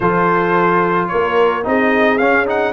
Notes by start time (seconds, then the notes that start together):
0.00 F3 F4 A4 C5
1.07 A#3 A#4 C#5
1.63 C4 D#4 G#4 D#5
2.18 C#4 F5
2.46 D#4 F#5